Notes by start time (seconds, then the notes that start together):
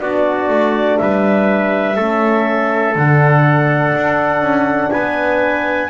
0.00 B3 D4 F#4 D5
0.48 A3
0.98 G3 B4 E5
1.96 A3 C#4 A4
2.95 D3 D4 F#5
3.95 D4
4.41 C#4
4.91 B3 B4 G#5